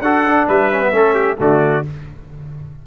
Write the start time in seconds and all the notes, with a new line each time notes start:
0.00 D4 F#4 A4 F#5
0.27 D4
0.47 G3 B4 E5
0.72 C#4
0.81 B3
0.92 A3 C#4 A4
1.14 G4
1.37 D3 A3 F#4 D5